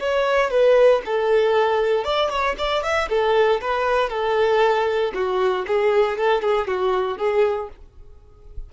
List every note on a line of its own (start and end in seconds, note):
0.00 0.51 C#5
0.51 1.02 B4
1.05 2.04 A4
2.04 2.30 D5
2.30 2.56 C#5
2.58 2.83 D5
2.83 3.09 E5
3.09 3.61 A4
3.61 4.10 B4
4.10 5.12 A4
5.14 5.65 F#4
5.67 6.18 G#4
6.18 6.42 A4
6.42 6.68 G#4
6.68 7.18 F#4
7.18 7.69 G#4